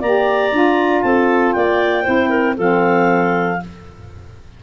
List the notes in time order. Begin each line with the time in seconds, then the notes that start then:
0.00 A#3 G4 D5 A#5
0.51 D4 F4
1.02 C4 A4 A5
1.52 A#3 D5 G5
2.03 C4 E4 C5
2.29 A#4
2.57 F3 C4 A4 F5